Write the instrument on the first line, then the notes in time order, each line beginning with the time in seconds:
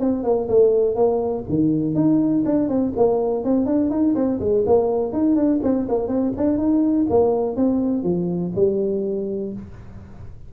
tuba
0.00 C4
0.24 A#3
0.49 A3
0.96 A#3
1.49 D#3
1.95 D#4
2.45 D4
2.69 C4
2.97 A#3
3.44 C4
3.66 D4
3.90 D#4
4.15 C4
4.40 G#3
4.66 A#3
5.13 D#4
5.36 D4
5.63 C4
5.89 A#3
6.08 C4
6.37 D4
6.58 D#4
7.10 A#3
7.57 C4
8.04 F3
8.56 G3